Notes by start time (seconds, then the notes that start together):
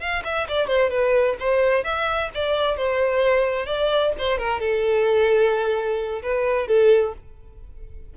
0.00 F5
0.24 E5
0.48 D5
0.67 C5
0.90 B4
1.40 C5
1.84 E5
2.35 D5
2.77 C5
3.66 D5
4.18 C5
4.38 A#4
4.60 A4
6.23 B4
6.68 A4